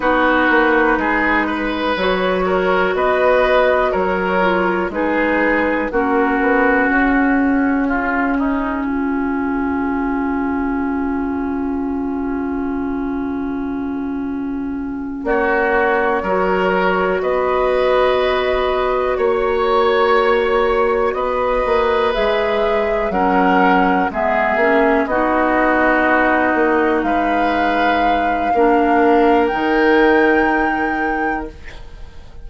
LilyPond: <<
  \new Staff \with { instrumentName = "flute" } { \time 4/4 \tempo 4 = 61 b'2 cis''4 dis''4 | cis''4 b'4 ais'4 gis'4~ | gis'1~ | gis'2.~ gis'8 cis''8~ |
cis''4. dis''2 cis''8~ | cis''4. dis''4 e''4 fis''8~ | fis''8 e''4 dis''2 f''8~ | f''2 g''2 | }
  \new Staff \with { instrumentName = "oboe" } { \time 4/4 fis'4 gis'8 b'4 ais'8 b'4 | ais'4 gis'4 fis'2 | f'8 dis'8 f'2.~ | f'2.~ f'8 fis'8~ |
fis'8 ais'4 b'2 cis''8~ | cis''4. b'2 ais'8~ | ais'8 gis'4 fis'2 b'8~ | b'4 ais'2. | }
  \new Staff \with { instrumentName = "clarinet" } { \time 4/4 dis'2 fis'2~ | fis'8 f'8 dis'4 cis'2~ | cis'1~ | cis'1~ |
cis'8 fis'2.~ fis'8~ | fis'2~ fis'8 gis'4 cis'8~ | cis'8 b8 cis'8 dis'2~ dis'8~ | dis'4 d'4 dis'2 | }
  \new Staff \with { instrumentName = "bassoon" } { \time 4/4 b8 ais8 gis4 fis4 b4 | fis4 gis4 ais8 b8 cis'4~ | cis'4 cis2.~ | cis2.~ cis8 ais8~ |
ais8 fis4 b2 ais8~ | ais4. b8 ais8 gis4 fis8~ | fis8 gis8 ais8 b4. ais8 gis8~ | gis4 ais4 dis2 | }
>>